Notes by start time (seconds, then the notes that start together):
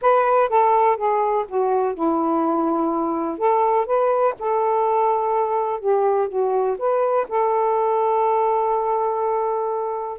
0.01 B4
0.49 A4
0.97 G#4
1.48 F#4
1.94 E4
3.38 A4
3.86 B4
4.39 A4
5.80 G4
6.28 F#4
6.78 B4
7.28 A4